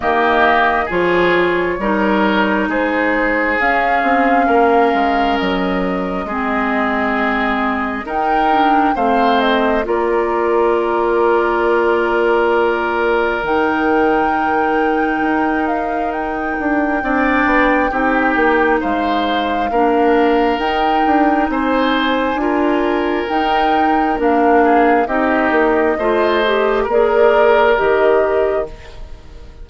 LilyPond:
<<
  \new Staff \with { instrumentName = "flute" } { \time 4/4 \tempo 4 = 67 dis''4 cis''2 c''4 | f''2 dis''2~ | dis''4 g''4 f''8 dis''8 d''4~ | d''2. g''4~ |
g''4. f''8 g''2~ | g''4 f''2 g''4 | gis''2 g''4 f''4 | dis''2 d''4 dis''4 | }
  \new Staff \with { instrumentName = "oboe" } { \time 4/4 g'4 gis'4 ais'4 gis'4~ | gis'4 ais'2 gis'4~ | gis'4 ais'4 c''4 ais'4~ | ais'1~ |
ais'2. d''4 | g'4 c''4 ais'2 | c''4 ais'2~ ais'8 gis'8 | g'4 c''4 ais'2 | }
  \new Staff \with { instrumentName = "clarinet" } { \time 4/4 ais4 f'4 dis'2 | cis'2. c'4~ | c'4 dis'8 d'8 c'4 f'4~ | f'2. dis'4~ |
dis'2. d'4 | dis'2 d'4 dis'4~ | dis'4 f'4 dis'4 d'4 | dis'4 f'8 g'8 gis'4 g'4 | }
  \new Staff \with { instrumentName = "bassoon" } { \time 4/4 dis4 f4 g4 gis4 | cis'8 c'8 ais8 gis8 fis4 gis4~ | gis4 dis'4 a4 ais4~ | ais2. dis4~ |
dis4 dis'4. d'8 c'8 b8 | c'8 ais8 gis4 ais4 dis'8 d'8 | c'4 d'4 dis'4 ais4 | c'8 ais8 a4 ais4 dis4 | }
>>